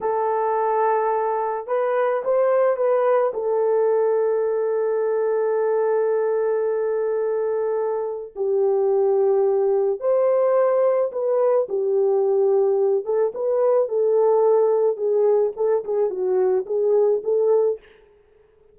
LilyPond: \new Staff \with { instrumentName = "horn" } { \time 4/4 \tempo 4 = 108 a'2. b'4 | c''4 b'4 a'2~ | a'1~ | a'2. g'4~ |
g'2 c''2 | b'4 g'2~ g'8 a'8 | b'4 a'2 gis'4 | a'8 gis'8 fis'4 gis'4 a'4 | }